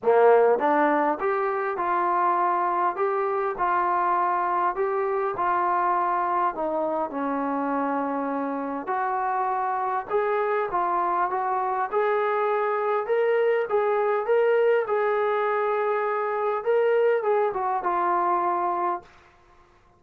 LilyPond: \new Staff \with { instrumentName = "trombone" } { \time 4/4 \tempo 4 = 101 ais4 d'4 g'4 f'4~ | f'4 g'4 f'2 | g'4 f'2 dis'4 | cis'2. fis'4~ |
fis'4 gis'4 f'4 fis'4 | gis'2 ais'4 gis'4 | ais'4 gis'2. | ais'4 gis'8 fis'8 f'2 | }